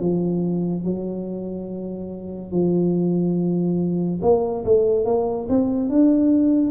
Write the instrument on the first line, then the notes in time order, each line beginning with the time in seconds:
tuba
0.00 F3
0.84 F#3
2.51 F3
4.22 A#3
4.64 A3
5.05 A#3
5.49 C4
5.89 D4